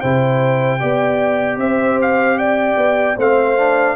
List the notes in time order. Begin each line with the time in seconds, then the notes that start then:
0.00 C3 E4 C5 G5
0.80 B3 G4 D5
1.57 C4 C5 E5
2.01 F5
2.38 D5 G5
2.76 B3
3.16 A3 C4 C5 F5
3.58 D4